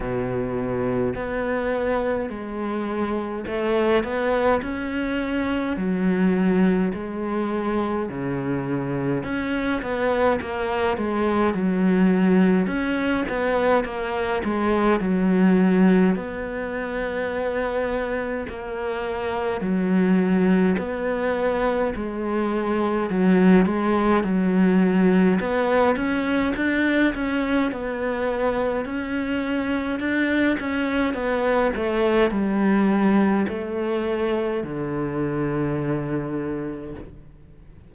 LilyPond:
\new Staff \with { instrumentName = "cello" } { \time 4/4 \tempo 4 = 52 b,4 b4 gis4 a8 b8 | cis'4 fis4 gis4 cis4 | cis'8 b8 ais8 gis8 fis4 cis'8 b8 | ais8 gis8 fis4 b2 |
ais4 fis4 b4 gis4 | fis8 gis8 fis4 b8 cis'8 d'8 cis'8 | b4 cis'4 d'8 cis'8 b8 a8 | g4 a4 d2 | }